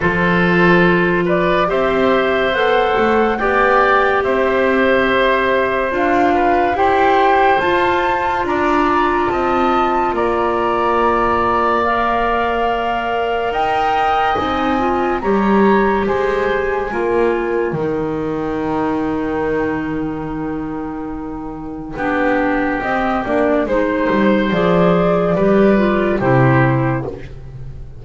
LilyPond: <<
  \new Staff \with { instrumentName = "flute" } { \time 4/4 \tempo 4 = 71 c''4. d''8 e''4 fis''4 | g''4 e''2 f''4 | g''4 a''4 ais''4 a''4 | ais''2 f''2 |
g''4 gis''4 ais''4 gis''4~ | gis''4 g''2.~ | g''2. dis''8 d''8 | c''4 d''2 c''4 | }
  \new Staff \with { instrumentName = "oboe" } { \time 4/4 a'4. b'8 c''2 | d''4 c''2~ c''8 b'8 | c''2 d''4 dis''4 | d''1 |
dis''2 cis''4 c''4 | ais'1~ | ais'2 g'2 | c''2 b'4 g'4 | }
  \new Staff \with { instrumentName = "clarinet" } { \time 4/4 f'2 g'4 a'4 | g'2. f'4 | g'4 f'2.~ | f'2 ais'2~ |
ais'4 dis'8 f'8 g'2 | f'4 dis'2.~ | dis'2 d'4 c'8 d'8 | dis'4 gis'4 g'8 f'8 e'4 | }
  \new Staff \with { instrumentName = "double bass" } { \time 4/4 f2 c'4 b8 a8 | b4 c'2 d'4 | e'4 f'4 d'4 c'4 | ais1 |
dis'4 c'4 g4 gis4 | ais4 dis2.~ | dis2 b4 c'8 ais8 | gis8 g8 f4 g4 c4 | }
>>